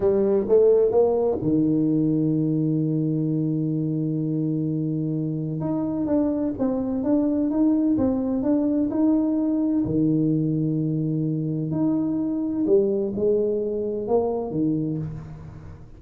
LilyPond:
\new Staff \with { instrumentName = "tuba" } { \time 4/4 \tempo 4 = 128 g4 a4 ais4 dis4~ | dis1~ | dis1 | dis'4 d'4 c'4 d'4 |
dis'4 c'4 d'4 dis'4~ | dis'4 dis2.~ | dis4 dis'2 g4 | gis2 ais4 dis4 | }